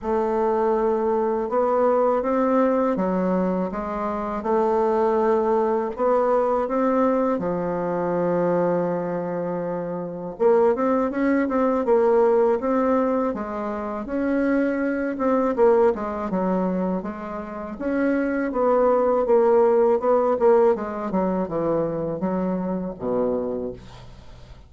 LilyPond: \new Staff \with { instrumentName = "bassoon" } { \time 4/4 \tempo 4 = 81 a2 b4 c'4 | fis4 gis4 a2 | b4 c'4 f2~ | f2 ais8 c'8 cis'8 c'8 |
ais4 c'4 gis4 cis'4~ | cis'8 c'8 ais8 gis8 fis4 gis4 | cis'4 b4 ais4 b8 ais8 | gis8 fis8 e4 fis4 b,4 | }